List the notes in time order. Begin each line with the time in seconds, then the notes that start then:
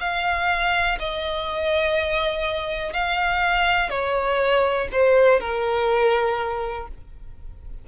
0.00 F5
0.99 D#5
2.93 F5
3.90 C#5
4.92 C5
5.40 A#4